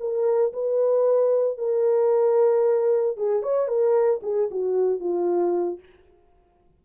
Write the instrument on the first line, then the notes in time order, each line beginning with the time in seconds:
horn
0.00 A#4
0.53 B4
1.58 A#4
3.17 G#4
3.43 C#5
3.68 A#4
4.23 G#4
4.51 F#4
5.00 F4